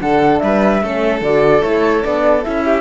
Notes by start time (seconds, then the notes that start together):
0.00 D3 D4 A4 F#5
0.39 G3 B4 E5
0.82 A3 C#4 A4
1.21 D3 F#4 D5
1.61 A3 E4 C#5
2.03 B3 D4 D5
2.42 C#4 E4 E5
2.63 G4